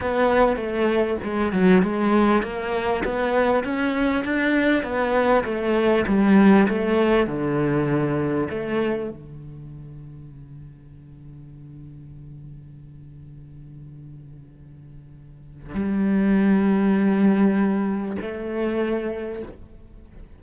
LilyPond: \new Staff \with { instrumentName = "cello" } { \time 4/4 \tempo 4 = 99 b4 a4 gis8 fis8 gis4 | ais4 b4 cis'4 d'4 | b4 a4 g4 a4 | d2 a4 d4~ |
d1~ | d1~ | d2 g2~ | g2 a2 | }